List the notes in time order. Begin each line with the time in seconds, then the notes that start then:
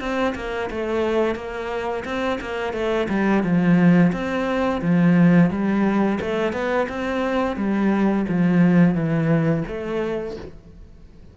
0.00 C4
0.35 A#3
0.71 A3
1.35 A#3
2.05 C4
2.41 A#3
2.73 A3
3.09 G3
3.43 F3
4.13 C4
4.82 F3
5.50 G3
6.21 A3
6.53 B3
6.89 C4
7.57 G3
8.29 F3
8.95 E3
9.68 A3